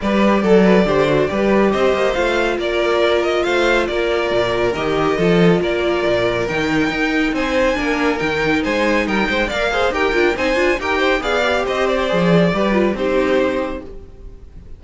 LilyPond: <<
  \new Staff \with { instrumentName = "violin" } { \time 4/4 \tempo 4 = 139 d''1 | dis''4 f''4 d''4. dis''8 | f''4 d''2 dis''4~ | dis''4 d''2 g''4~ |
g''4 gis''2 g''4 | gis''4 g''4 f''4 g''4 | gis''4 g''4 f''4 dis''8 d''8~ | d''2 c''2 | }
  \new Staff \with { instrumentName = "violin" } { \time 4/4 b'4 a'8 b'8 c''4 b'4 | c''2 ais'2 | c''4 ais'2. | a'4 ais'2.~ |
ais'4 c''4 ais'2 | c''4 ais'8 c''8 d''8 c''8 ais'4 | c''4 ais'8 c''8 d''4 c''4~ | c''4 b'4 g'2 | }
  \new Staff \with { instrumentName = "viola" } { \time 4/4 g'4 a'4 g'8 fis'8 g'4~ | g'4 f'2.~ | f'2. g'4 | f'2. dis'4~ |
dis'2 d'4 dis'4~ | dis'2 ais'8 gis'8 g'8 f'8 | dis'8 f'8 g'4 gis'8 g'4. | gis'4 g'8 f'8 dis'2 | }
  \new Staff \with { instrumentName = "cello" } { \time 4/4 g4 fis4 d4 g4 | c'8 ais8 a4 ais2 | a4 ais4 ais,4 dis4 | f4 ais4 ais,4 dis4 |
dis'4 c'4 ais4 dis4 | gis4 g8 gis8 ais4 dis'8 d'8 | c'8 d'8 dis'4 b4 c'4 | f4 g4 c'2 | }
>>